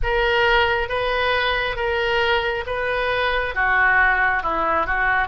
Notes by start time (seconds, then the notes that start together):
0.02 A#4
0.88 B4
1.76 A#4
2.66 B4
3.55 F#4
4.42 E4
4.86 F#4